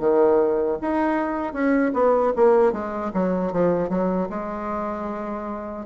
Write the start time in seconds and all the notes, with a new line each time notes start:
0.00 D#3
0.81 D#4
1.54 C#4
1.94 B3
2.37 A#3
2.73 G#3
3.14 F#3
3.53 F3
3.90 F#3
4.30 G#3